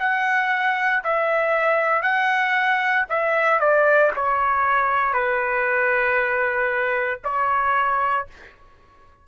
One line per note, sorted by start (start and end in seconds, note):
0.00 1.03 F#5
1.04 2.03 E5
2.03 3.06 F#5
3.10 3.60 E5
3.60 4.12 D5
4.16 5.13 C#5
5.13 7.20 B4
7.25 8.28 C#5